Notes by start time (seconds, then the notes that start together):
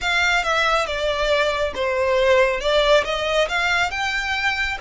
0.01 F5
0.43 E5
0.86 D5
1.75 C5
2.60 D5
3.04 D#5
3.48 F5
3.90 G5